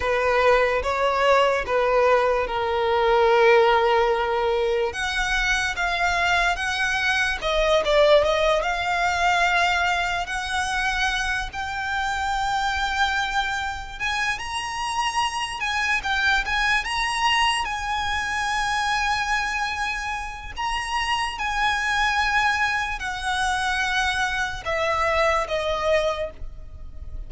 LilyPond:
\new Staff \with { instrumentName = "violin" } { \time 4/4 \tempo 4 = 73 b'4 cis''4 b'4 ais'4~ | ais'2 fis''4 f''4 | fis''4 dis''8 d''8 dis''8 f''4.~ | f''8 fis''4. g''2~ |
g''4 gis''8 ais''4. gis''8 g''8 | gis''8 ais''4 gis''2~ gis''8~ | gis''4 ais''4 gis''2 | fis''2 e''4 dis''4 | }